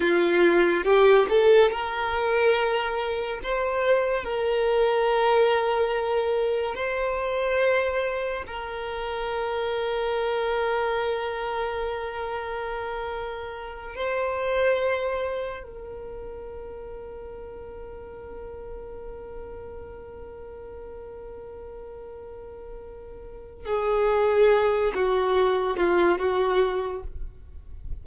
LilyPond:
\new Staff \with { instrumentName = "violin" } { \time 4/4 \tempo 4 = 71 f'4 g'8 a'8 ais'2 | c''4 ais'2. | c''2 ais'2~ | ais'1~ |
ais'8 c''2 ais'4.~ | ais'1~ | ais'1 | gis'4. fis'4 f'8 fis'4 | }